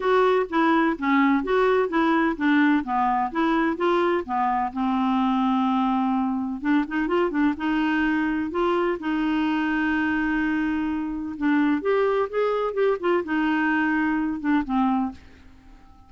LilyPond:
\new Staff \with { instrumentName = "clarinet" } { \time 4/4 \tempo 4 = 127 fis'4 e'4 cis'4 fis'4 | e'4 d'4 b4 e'4 | f'4 b4 c'2~ | c'2 d'8 dis'8 f'8 d'8 |
dis'2 f'4 dis'4~ | dis'1 | d'4 g'4 gis'4 g'8 f'8 | dis'2~ dis'8 d'8 c'4 | }